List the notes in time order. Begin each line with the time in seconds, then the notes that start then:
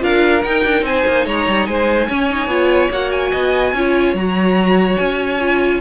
0.00 D4 F4 A#4 F5
0.43 D#4 G5
0.65 D4
0.83 C4 G#5
0.89 C5
1.07 A#3
1.26 G#3 C#5 A#5
1.48 G3
1.67 G#3 C5 G#5
2.08 C#4 C#5
2.30 D#4
2.48 B3 F4
2.91 A#3 F#4 F#5
3.12 G#5
3.32 B3 D#5
3.73 C#4 F4 C#5
4.14 F#3 F#4 A#5
4.98 C#4 G#5
5.40 F4